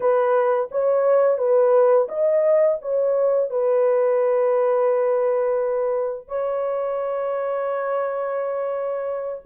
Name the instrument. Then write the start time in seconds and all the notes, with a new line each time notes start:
horn
0.00 B4
0.71 C#5
1.38 B4
2.08 D#5
2.81 C#5
3.49 B4
6.28 C#5